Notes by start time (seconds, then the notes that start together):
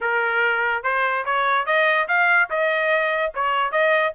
0.00 A#4
0.83 C5
1.25 C#5
1.66 D#5
2.07 F5
2.50 D#5
3.34 C#5
3.71 D#5